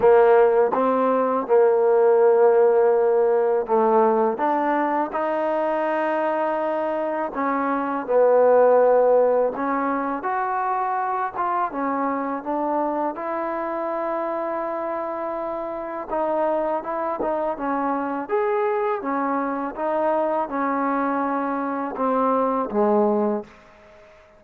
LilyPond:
\new Staff \with { instrumentName = "trombone" } { \time 4/4 \tempo 4 = 82 ais4 c'4 ais2~ | ais4 a4 d'4 dis'4~ | dis'2 cis'4 b4~ | b4 cis'4 fis'4. f'8 |
cis'4 d'4 e'2~ | e'2 dis'4 e'8 dis'8 | cis'4 gis'4 cis'4 dis'4 | cis'2 c'4 gis4 | }